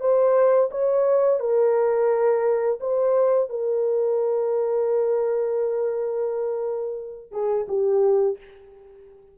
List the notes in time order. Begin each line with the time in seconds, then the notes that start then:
0.00 C5
0.71 C#5
1.40 A#4
2.80 C5
3.49 A#4
7.31 G#4
7.68 G4